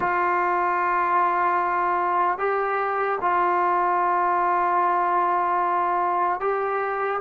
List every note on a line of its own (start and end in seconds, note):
0.00 2.38 F4
2.38 3.18 G4
3.21 6.40 F4
6.40 7.20 G4